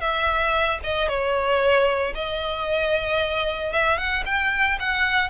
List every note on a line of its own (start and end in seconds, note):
0.00 0.79 E5
0.83 1.08 D#5
1.08 2.13 C#5
2.15 3.72 D#5
3.73 3.97 E5
3.97 4.23 F#5
4.26 4.78 G5
4.79 5.29 F#5